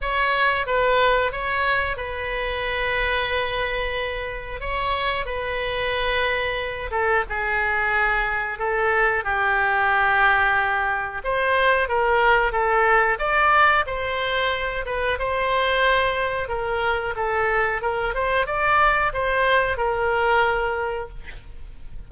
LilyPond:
\new Staff \with { instrumentName = "oboe" } { \time 4/4 \tempo 4 = 91 cis''4 b'4 cis''4 b'4~ | b'2. cis''4 | b'2~ b'8 a'8 gis'4~ | gis'4 a'4 g'2~ |
g'4 c''4 ais'4 a'4 | d''4 c''4. b'8 c''4~ | c''4 ais'4 a'4 ais'8 c''8 | d''4 c''4 ais'2 | }